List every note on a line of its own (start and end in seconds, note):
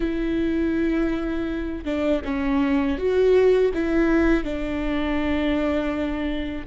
0.00 1.84 E4
1.84 2.21 D4
2.24 2.98 C#4
2.98 3.72 F#4
3.73 4.43 E4
4.43 6.66 D4